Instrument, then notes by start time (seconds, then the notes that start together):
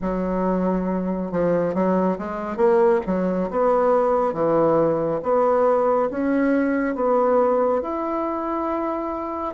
bassoon
0.01 F#3
1.31 F3
1.74 F#3
2.18 G#3
2.57 A#3
3.06 F#3
3.50 B3
4.33 E3
5.22 B3
6.10 C#4
6.95 B3
7.81 E4